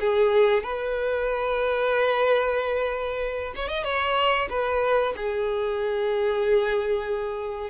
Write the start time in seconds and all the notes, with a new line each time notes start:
0.00 G#4
0.63 B4
3.55 C#5
3.68 D#5
3.84 C#5
4.50 B4
5.16 G#4